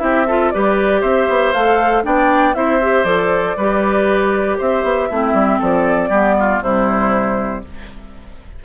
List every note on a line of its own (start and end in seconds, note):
0.00 0.53 C4
0.00 0.25 E4
0.00 0.27 G4
0.00 0.51 E5
0.27 0.53 F4
0.27 0.53 A4
0.51 1.03 G3
0.51 1.55 G4
0.51 1.01 B4
0.51 1.02 D5
1.01 1.28 C4
1.01 2.03 C5
1.01 1.53 E5
1.29 1.54 B3
1.53 2.05 A3
1.53 2.04 A4
1.53 2.04 F5
2.04 2.55 B3
2.04 2.55 D4
2.04 2.56 D5
2.04 2.55 G5
2.55 3.04 C4
2.55 2.80 E4
2.55 3.57 C5
2.55 3.04 E5
2.82 3.06 G4
3.04 3.55 F3
3.04 3.57 A4
3.04 4.57 D5
3.57 4.59 G3
3.57 5.11 G4
3.57 4.58 B4
4.58 4.84 C4
4.58 5.09 C5
4.58 5.62 E5
4.84 5.09 B3
5.09 5.33 A3
5.09 6.12 C4
5.09 5.59 E4
5.33 5.59 G3
5.59 6.10 F3
5.59 6.10 A4
5.59 6.63 D5
6.10 6.60 G3
6.10 6.62 B3
6.10 6.35 G4
6.39 6.63 F4
6.62 7.64 C3
6.62 7.64 G3
6.62 7.65 E4
6.62 7.65 C5